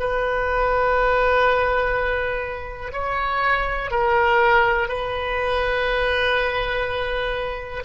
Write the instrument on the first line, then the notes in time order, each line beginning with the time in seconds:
oboe
0.00 B4
2.93 C#5
3.91 A#4
4.89 B4